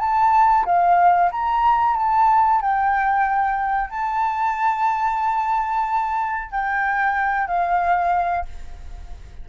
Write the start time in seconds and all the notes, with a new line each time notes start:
0.00 A5
0.66 F5
1.32 A#5
1.96 A5
2.62 G5
3.91 A5
6.52 G5
7.48 F5